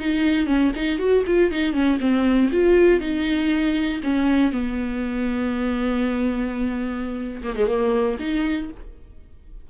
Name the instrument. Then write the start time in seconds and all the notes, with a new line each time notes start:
viola
0.00 D#4
0.47 C#4
0.76 D#4
0.99 F#4
1.27 F4
1.51 D#4
1.73 C#4
2.01 C4
2.52 F4
3.01 D#4
4.04 C#4
4.53 B3
7.43 A#3
7.56 G#3
7.68 A#3
8.20 D#4